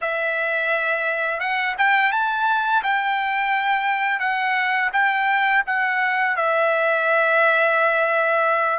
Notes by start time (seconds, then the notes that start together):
0.01 E5
1.39 F#5
1.77 G5
2.12 A5
2.83 G5
4.19 F#5
4.92 G5
5.66 F#5
6.36 E5